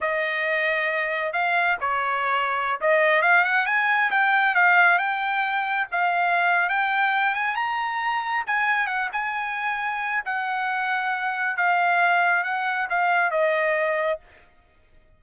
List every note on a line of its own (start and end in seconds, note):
0.00 1.32 D#5
1.32 1.77 F5
1.80 2.80 C#5
2.80 3.22 D#5
3.22 3.44 F5
3.44 3.65 F#5
3.65 4.10 G#5
4.11 4.54 G5
4.54 4.98 F5
4.98 5.87 G5
5.91 6.69 F5
6.69 7.34 G5
7.34 7.55 G#5
7.55 8.44 A#5
8.46 8.87 G#5
8.87 9.09 F#5
9.12 10.23 G#5
10.25 11.56 F#5
11.56 12.43 F5
12.43 12.88 F#5
12.89 13.30 F5
13.30 14.19 D#5